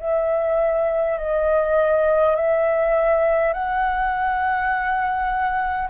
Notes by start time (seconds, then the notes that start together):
0.00 E5
1.18 D#5
2.35 E5
3.53 F#5